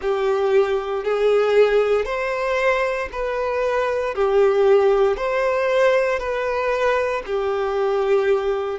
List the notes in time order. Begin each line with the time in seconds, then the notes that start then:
0.01 G4
1.03 G#4
2.05 C5
3.11 B4
4.14 G4
5.17 C5
6.19 B4
7.26 G4